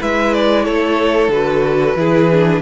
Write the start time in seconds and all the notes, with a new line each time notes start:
0.00 G#3 E4 B4 E5
0.34 D5
0.65 A3 A4 C#5
1.29 D3 F#4 B4
1.96 E3 E4 G#4
2.32 D4